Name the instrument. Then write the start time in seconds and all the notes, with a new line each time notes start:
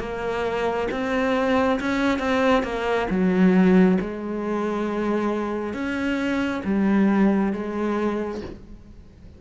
cello
0.00 A#3
0.92 C4
1.80 C#4
2.19 C4
2.64 A#3
3.10 F#3
4.01 G#3
5.74 C#4
6.65 G3
7.53 G#3